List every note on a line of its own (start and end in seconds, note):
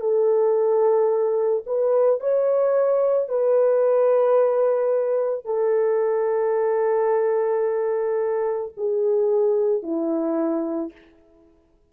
0.00 1.64 A4
1.67 2.20 B4
2.20 3.29 C#5
3.29 5.45 B4
5.45 8.72 A4
8.77 9.83 G#4
9.83 10.92 E4